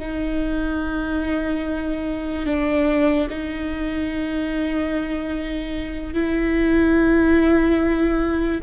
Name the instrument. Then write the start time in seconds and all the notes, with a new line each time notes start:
viola
0.00 D#4
2.47 D4
3.30 D#4
6.14 E4